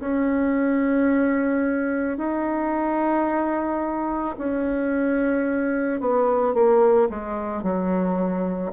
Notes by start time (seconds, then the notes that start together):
0.00 C#4
2.17 D#4
4.38 C#4
6.00 B3
6.54 A#3
7.09 G#3
7.63 F#3